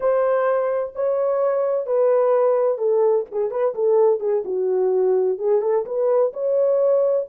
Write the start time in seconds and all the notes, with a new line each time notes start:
0.00 C5
0.95 C#5
1.86 B4
2.78 A4
3.31 G#4
3.50 B4
3.75 A4
4.20 G#4
4.44 F#4
5.38 G#4
5.61 A4
5.85 B4
6.33 C#5